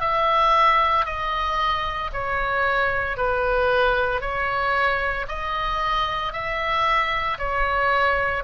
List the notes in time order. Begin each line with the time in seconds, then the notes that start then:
0.00 E5
1.05 D#5
2.13 C#5
3.17 B4
4.21 C#5
5.28 D#5
6.32 E5
7.38 C#5